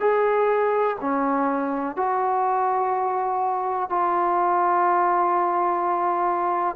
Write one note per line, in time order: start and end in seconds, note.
0.00 0.97 G#4
1.01 1.96 C#4
1.96 3.89 F#4
3.89 6.76 F4